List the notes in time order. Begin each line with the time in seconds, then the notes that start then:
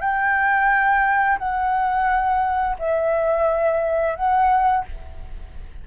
0.00 G5
1.38 F#5
2.78 E5
4.15 F#5